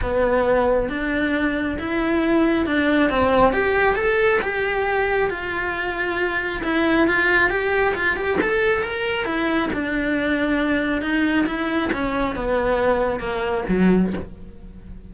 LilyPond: \new Staff \with { instrumentName = "cello" } { \time 4/4 \tempo 4 = 136 b2 d'2 | e'2 d'4 c'4 | g'4 a'4 g'2 | f'2. e'4 |
f'4 g'4 f'8 g'8 a'4 | ais'4 e'4 d'2~ | d'4 dis'4 e'4 cis'4 | b2 ais4 fis4 | }